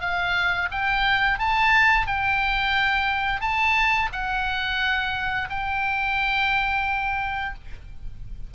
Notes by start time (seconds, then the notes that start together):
0.00 F5
0.71 G5
1.39 A5
2.06 G5
3.41 A5
4.12 F#5
5.49 G5